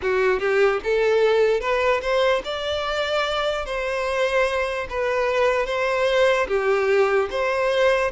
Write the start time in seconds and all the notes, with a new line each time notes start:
0.01 F#4
0.39 G4
0.83 A4
1.60 B4
2.01 C5
2.44 D5
3.65 C5
4.89 B4
5.65 C5
6.47 G4
7.30 C5